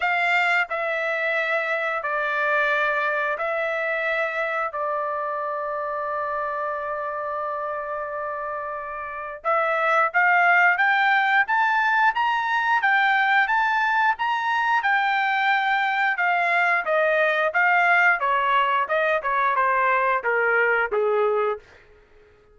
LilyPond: \new Staff \with { instrumentName = "trumpet" } { \time 4/4 \tempo 4 = 89 f''4 e''2 d''4~ | d''4 e''2 d''4~ | d''1~ | d''2 e''4 f''4 |
g''4 a''4 ais''4 g''4 | a''4 ais''4 g''2 | f''4 dis''4 f''4 cis''4 | dis''8 cis''8 c''4 ais'4 gis'4 | }